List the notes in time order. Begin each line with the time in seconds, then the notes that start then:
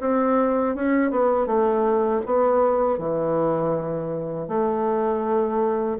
0.00 C4
0.75 C#4
1.11 B3
1.46 A3
2.26 B3
2.98 E3
4.48 A3